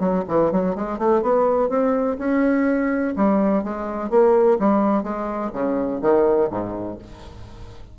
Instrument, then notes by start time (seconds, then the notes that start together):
bassoon
0.00 F#3
0.28 E3
0.52 F#3
0.75 G#3
0.99 A3
1.22 B3
1.70 C4
2.19 C#4
3.17 G3
3.64 G#3
4.11 A#3
4.59 G3
5.04 G#3
5.53 C#3
6.02 D#3
6.51 G#2